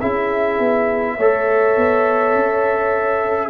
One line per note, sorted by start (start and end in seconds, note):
0.00 0.59 C#4
0.00 1.19 E4
0.00 1.16 G#4
0.00 3.50 E5
0.59 1.18 B3
1.16 1.76 A3
1.16 3.50 A4
1.16 3.50 C#5
1.76 2.35 B3
2.35 3.50 C#4